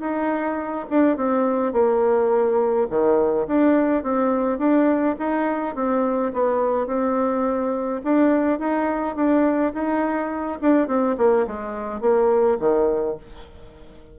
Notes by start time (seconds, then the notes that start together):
0.00 D#4
0.90 D4
1.17 C4
1.73 A#3
2.90 D#3
3.48 D4
4.03 C4
4.59 D4
5.19 D#4
5.76 C4
6.33 B3
6.87 C4
8.04 D4
8.59 D#4
9.16 D4
9.74 D#4
10.61 D4
10.88 C4
11.18 A#3
11.47 G#3
12.01 A#3
12.60 D#3